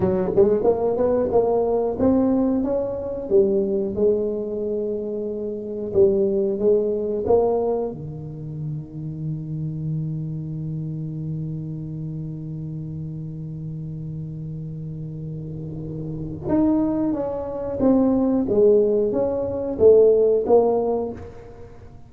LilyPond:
\new Staff \with { instrumentName = "tuba" } { \time 4/4 \tempo 4 = 91 fis8 gis8 ais8 b8 ais4 c'4 | cis'4 g4 gis2~ | gis4 g4 gis4 ais4 | dis1~ |
dis1~ | dis1~ | dis4 dis'4 cis'4 c'4 | gis4 cis'4 a4 ais4 | }